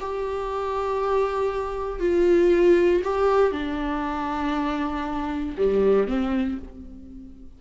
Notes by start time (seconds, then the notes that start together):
0.00 G4
2.00 F4
3.03 G4
3.52 D4
5.57 G3
6.07 C4